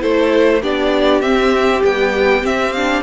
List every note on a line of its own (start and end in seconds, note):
0.00 0.63 A3
0.00 0.61 E4
0.00 0.62 A4
0.00 0.63 C5
0.62 1.23 B3
0.62 1.23 D4
0.62 3.03 G4
0.62 1.22 D5
1.22 1.83 C4
1.22 1.82 C4
1.22 1.82 E5
1.82 2.42 G3
1.82 2.44 B3
1.82 2.46 G5
2.43 2.73 C4
2.43 3.03 C4
2.43 2.73 E5
2.73 3.03 D4
2.73 3.03 F5